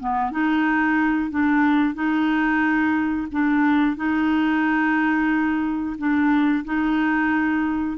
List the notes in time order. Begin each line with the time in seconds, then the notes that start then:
0.00 B3
0.31 D#4
1.31 D4
1.95 D#4
3.32 D4
3.97 D#4
5.98 D4
6.65 D#4